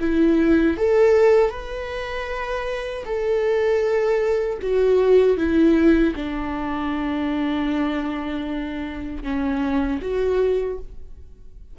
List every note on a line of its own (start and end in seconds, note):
0.00 0.77 E4
0.77 1.50 A4
1.50 3.04 B4
3.05 4.59 A4
4.62 5.37 F#4
5.37 6.14 E4
6.15 9.23 D4
9.23 10.00 C#4
10.01 10.78 F#4